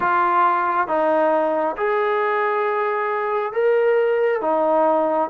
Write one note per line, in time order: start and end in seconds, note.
0.00 0.87 F4
0.87 1.76 D#4
1.76 3.53 G#4
3.53 4.41 A#4
4.41 5.29 D#4